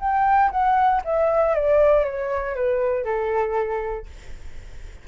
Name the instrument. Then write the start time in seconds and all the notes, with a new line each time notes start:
flute
0.00 G5
0.51 F#5
1.05 E5
1.55 D5
2.05 C#5
2.56 B4
3.05 A4